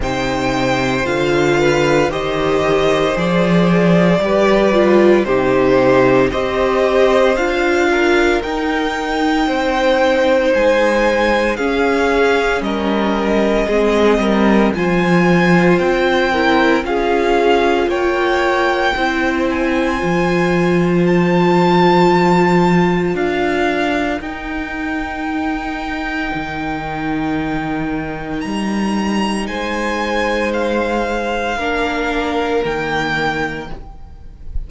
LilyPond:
<<
  \new Staff \with { instrumentName = "violin" } { \time 4/4 \tempo 4 = 57 g''4 f''4 dis''4 d''4~ | d''4 c''4 dis''4 f''4 | g''2 gis''4 f''4 | dis''2 gis''4 g''4 |
f''4 g''4. gis''4. | a''2 f''4 g''4~ | g''2. ais''4 | gis''4 f''2 g''4 | }
  \new Staff \with { instrumentName = "violin" } { \time 4/4 c''4. b'8 c''2 | b'4 g'4 c''4. ais'8~ | ais'4 c''2 gis'4 | ais'4 gis'8 ais'8 c''4. ais'8 |
gis'4 cis''4 c''2~ | c''2 ais'2~ | ais'1 | c''2 ais'2 | }
  \new Staff \with { instrumentName = "viola" } { \time 4/4 dis'4 f'4 g'4 gis'4 | g'8 f'8 dis'4 g'4 f'4 | dis'2. cis'4~ | cis'4 c'4 f'4. e'8 |
f'2 e'4 f'4~ | f'2. dis'4~ | dis'1~ | dis'2 d'4 ais4 | }
  \new Staff \with { instrumentName = "cello" } { \time 4/4 c4 d4 dis4 f4 | g4 c4 c'4 d'4 | dis'4 c'4 gis4 cis'4 | g4 gis8 g8 f4 c'4 |
cis'4 ais4 c'4 f4~ | f2 d'4 dis'4~ | dis'4 dis2 g4 | gis2 ais4 dis4 | }
>>